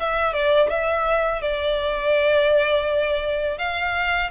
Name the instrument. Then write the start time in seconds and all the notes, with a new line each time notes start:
violin
0.00 E5
0.34 D5
0.70 E5
1.42 D5
3.58 F5